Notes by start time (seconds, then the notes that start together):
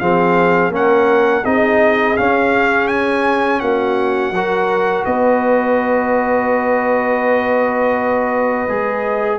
0.00 F3 C4 G#4 F5
0.69 A#3 C#4 A#4
0.75 F#5
1.44 C4 D#4 G#4 D#5
2.17 C#4 F5
2.88 G#5
3.60 A#3 F#4 F#5
4.31 F#3 F#4 A#4
5.05 B3 B4 D#5
8.69 G#3 G#4